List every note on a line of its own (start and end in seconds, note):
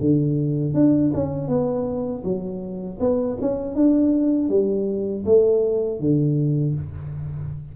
0.00 0.74 D3
0.74 1.11 D4
1.14 1.48 C#4
1.48 2.23 B3
2.24 2.99 F#3
3.00 3.38 B3
3.41 3.75 C#4
3.75 4.49 D4
4.49 5.24 G3
5.25 6.00 A3
6.00 6.75 D3